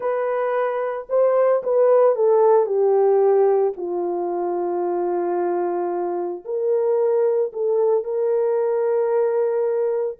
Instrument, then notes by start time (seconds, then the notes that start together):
horn
0.00 B4
1.09 C5
1.63 B4
2.15 A4
2.66 G4
3.76 F4
6.44 A#4
7.53 A4
8.04 A#4